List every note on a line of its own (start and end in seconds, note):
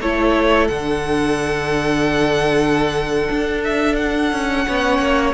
0.00 0.69 A3
0.00 0.71 E4
0.00 4.67 A4
0.00 0.68 C#5
0.68 3.29 D3
0.68 4.66 D4
0.68 3.61 F#5
3.30 4.32 D4
3.64 3.96 E5
3.96 5.33 F#5
4.32 4.67 C#4
4.66 4.99 B3
4.66 5.34 C#4
4.66 5.34 C#5
4.99 5.33 A#3